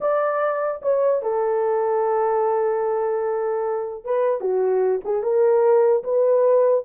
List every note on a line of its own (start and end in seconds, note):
0.00 0.81 D5
0.82 1.22 C#5
1.22 4.04 A4
4.04 4.41 B4
4.41 5.01 F#4
5.04 5.22 G#4
5.22 6.03 A#4
6.03 6.84 B4